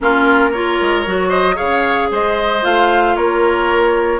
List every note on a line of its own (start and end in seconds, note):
0.00 0.79 A#3
0.00 0.53 C#4
0.00 0.50 F4
0.00 0.52 A#4
0.50 1.06 F4
0.50 1.28 A#4
0.50 1.30 C#5
0.81 1.05 G#3
1.05 1.58 F#3
1.05 1.55 F#4
1.28 1.55 C5
1.28 1.56 D#5
1.55 2.10 C#3
1.55 2.60 G#4
1.55 2.08 C#5
1.55 2.09 F5
2.10 2.63 G#3
2.10 3.16 C5
2.10 2.64 D#5
2.61 3.16 A3
2.61 4.19 F4
2.61 3.16 F5
3.16 4.20 A#3
3.16 4.20 A#4
3.16 4.20 C#5